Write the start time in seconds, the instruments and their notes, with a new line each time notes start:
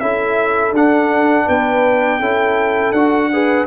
0.00 tuba C#4, trombone E4, horn A4, trumpet E5
0.73 tuba D4, trombone D4, trumpet F#5
1.47 tuba B3, horn B4, trumpet G5
2.20 tuba C#4, trombone E4, horn A4
2.92 tuba D4, trombone F#4, trumpet F#5
3.33 trombone G#4, horn B4